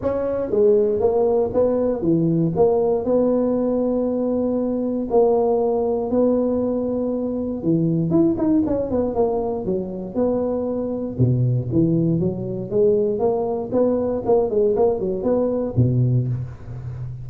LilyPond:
\new Staff \with { instrumentName = "tuba" } { \time 4/4 \tempo 4 = 118 cis'4 gis4 ais4 b4 | e4 ais4 b2~ | b2 ais2 | b2. e4 |
e'8 dis'8 cis'8 b8 ais4 fis4 | b2 b,4 e4 | fis4 gis4 ais4 b4 | ais8 gis8 ais8 fis8 b4 b,4 | }